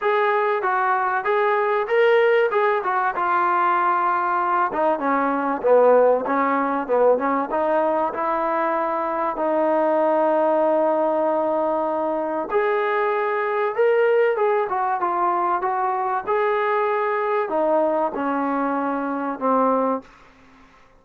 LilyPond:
\new Staff \with { instrumentName = "trombone" } { \time 4/4 \tempo 4 = 96 gis'4 fis'4 gis'4 ais'4 | gis'8 fis'8 f'2~ f'8 dis'8 | cis'4 b4 cis'4 b8 cis'8 | dis'4 e'2 dis'4~ |
dis'1 | gis'2 ais'4 gis'8 fis'8 | f'4 fis'4 gis'2 | dis'4 cis'2 c'4 | }